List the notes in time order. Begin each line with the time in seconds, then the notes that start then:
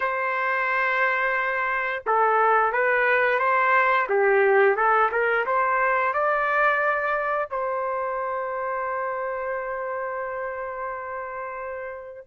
0.00 C5
2.06 A4
2.72 B4
3.39 C5
4.09 G4
4.75 A4
5.11 A#4
5.45 C5
6.13 D5
7.49 C5